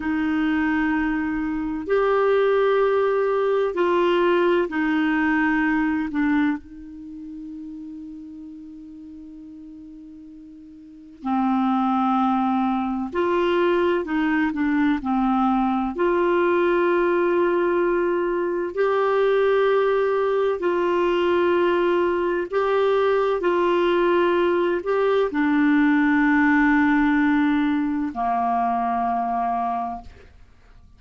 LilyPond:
\new Staff \with { instrumentName = "clarinet" } { \time 4/4 \tempo 4 = 64 dis'2 g'2 | f'4 dis'4. d'8 dis'4~ | dis'1 | c'2 f'4 dis'8 d'8 |
c'4 f'2. | g'2 f'2 | g'4 f'4. g'8 d'4~ | d'2 ais2 | }